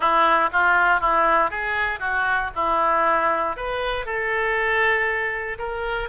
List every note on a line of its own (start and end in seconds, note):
0.00 0.49 E4
0.52 1.00 F4
1.00 1.50 E4
1.50 1.99 G#4
1.99 2.50 F#4
2.55 3.56 E4
3.56 4.05 B4
4.05 5.58 A4
5.58 6.09 A#4